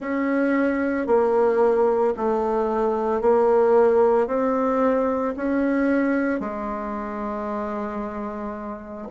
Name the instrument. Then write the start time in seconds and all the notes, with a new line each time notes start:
bassoon
0.00 C#4
1.07 A#3
2.17 A3
3.21 A#3
4.27 C4
5.36 C#4
6.40 G#3